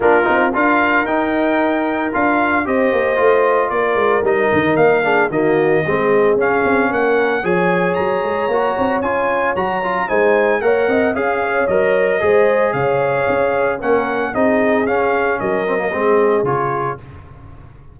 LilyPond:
<<
  \new Staff \with { instrumentName = "trumpet" } { \time 4/4 \tempo 4 = 113 ais'4 f''4 g''2 | f''4 dis''2 d''4 | dis''4 f''4 dis''2 | f''4 fis''4 gis''4 ais''4~ |
ais''4 gis''4 ais''4 gis''4 | fis''4 f''4 dis''2 | f''2 fis''4 dis''4 | f''4 dis''2 cis''4 | }
  \new Staff \with { instrumentName = "horn" } { \time 4/4 f'4 ais'2.~ | ais'4 c''2 ais'4~ | ais'4. gis'8 fis'4 gis'4~ | gis'4 ais'4 cis''2~ |
cis''2. c''4 | cis''8 dis''8 f''8 cis''4. c''4 | cis''2 ais'4 gis'4~ | gis'4 ais'4 gis'2 | }
  \new Staff \with { instrumentName = "trombone" } { \time 4/4 d'8 dis'8 f'4 dis'2 | f'4 g'4 f'2 | dis'4. d'8 ais4 c'4 | cis'2 gis'2 |
fis'4 f'4 fis'8 f'8 dis'4 | ais'4 gis'4 ais'4 gis'4~ | gis'2 cis'4 dis'4 | cis'4. c'16 ais16 c'4 f'4 | }
  \new Staff \with { instrumentName = "tuba" } { \time 4/4 ais8 c'8 d'4 dis'2 | d'4 c'8 ais8 a4 ais8 gis8 | g8 dis8 ais4 dis4 gis4 | cis'8 c'8 ais4 f4 fis8 gis8 |
ais8 c'8 cis'4 fis4 gis4 | ais8 c'8 cis'4 fis4 gis4 | cis4 cis'4 ais4 c'4 | cis'4 fis4 gis4 cis4 | }
>>